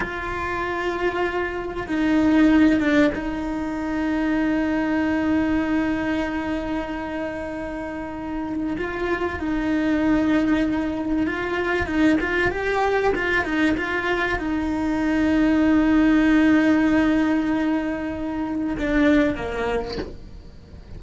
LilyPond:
\new Staff \with { instrumentName = "cello" } { \time 4/4 \tempo 4 = 96 f'2. dis'4~ | dis'8 d'8 dis'2.~ | dis'1~ | dis'2 f'4 dis'4~ |
dis'2 f'4 dis'8 f'8 | g'4 f'8 dis'8 f'4 dis'4~ | dis'1~ | dis'2 d'4 ais4 | }